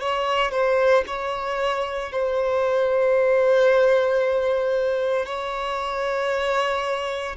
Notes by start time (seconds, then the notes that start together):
0.00 C#5
0.51 C5
1.07 C#5
2.12 C5
5.25 C#5